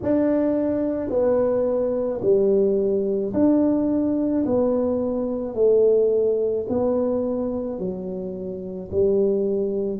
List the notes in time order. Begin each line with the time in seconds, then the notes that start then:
0.02 D4
1.09 B3
2.21 G3
3.33 D4
4.45 B3
5.55 A3
6.68 B3
7.78 F#3
8.91 G3